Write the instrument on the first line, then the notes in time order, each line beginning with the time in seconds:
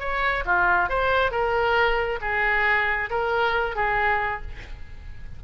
oboe
0.00 C#5
0.45 F4
0.89 C5
1.31 A#4
2.22 G#4
3.10 A#4
3.76 G#4